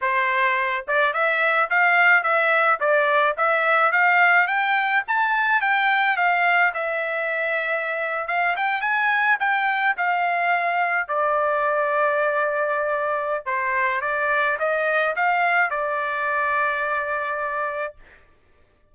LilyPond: \new Staff \with { instrumentName = "trumpet" } { \time 4/4 \tempo 4 = 107 c''4. d''8 e''4 f''4 | e''4 d''4 e''4 f''4 | g''4 a''4 g''4 f''4 | e''2~ e''8. f''8 g''8 gis''16~ |
gis''8. g''4 f''2 d''16~ | d''1 | c''4 d''4 dis''4 f''4 | d''1 | }